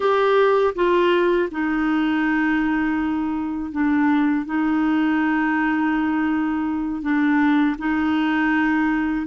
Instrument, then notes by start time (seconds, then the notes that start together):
clarinet
0.00 G4
0.75 F4
1.51 D#4
3.71 D4
4.45 D#4
7.02 D4
7.78 D#4